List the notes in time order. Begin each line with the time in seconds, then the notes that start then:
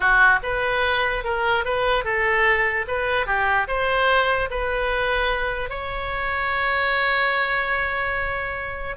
0.00 F#4
0.42 B4
1.24 A#4
1.65 B4
2.04 A4
2.87 B4
3.26 G4
3.67 C5
4.50 B4
5.69 C#5